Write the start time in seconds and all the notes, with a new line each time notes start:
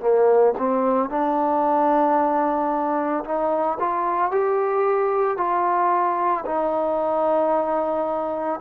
0.00 A#3
0.58 C4
1.10 D4
3.24 D#4
3.79 F4
4.31 G4
5.37 F4
6.45 D#4